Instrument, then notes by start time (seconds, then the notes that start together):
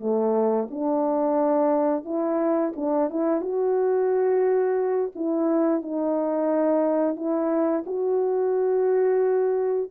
horn
0.00 A3
0.70 D4
2.05 E4
2.76 D4
3.10 E4
3.41 F#4
5.15 E4
5.82 D#4
7.16 E4
7.86 F#4